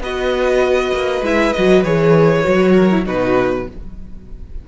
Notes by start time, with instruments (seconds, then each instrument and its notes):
0.00 cello B3, viola F#4, violin B4 D#5
0.94 cello A#3
1.21 cello G#3, viola E4, violin E5
1.53 cello F#3, viola F#4, violin D#5
1.84 cello E3, viola G#4, violin C#5
2.44 cello F#3, viola F#4
2.72 violin A#4
2.91 viola E4
3.06 cello B2, viola D#4, violin F#4 B4